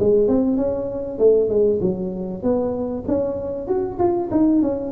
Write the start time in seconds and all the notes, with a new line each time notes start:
0.00 G#3
0.28 C4
0.57 C#4
1.19 A3
1.50 G#3
1.82 F#3
2.43 B3
3.08 C#4
3.68 F#4
3.99 F4
4.32 D#4
4.63 C#4